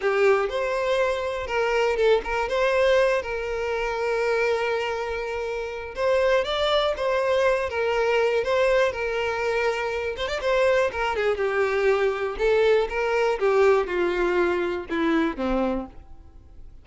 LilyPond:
\new Staff \with { instrumentName = "violin" } { \time 4/4 \tempo 4 = 121 g'4 c''2 ais'4 | a'8 ais'8 c''4. ais'4.~ | ais'1 | c''4 d''4 c''4. ais'8~ |
ais'4 c''4 ais'2~ | ais'8 c''16 d''16 c''4 ais'8 gis'8 g'4~ | g'4 a'4 ais'4 g'4 | f'2 e'4 c'4 | }